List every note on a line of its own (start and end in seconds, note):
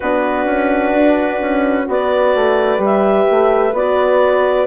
0.00 0.45 B3
0.00 1.85 D4
0.00 1.86 F#4
0.00 1.87 B4
0.45 0.92 C#4
0.93 1.40 D4
1.41 1.88 C#4
1.85 2.34 B3
1.85 2.78 F#4
1.85 4.67 B4
1.85 2.84 D5
2.35 2.78 A3
2.78 3.24 G3
2.78 3.71 G4
2.84 3.75 E5
3.30 3.72 A3
3.72 4.66 B3
3.72 4.67 F#4
3.72 4.67 D5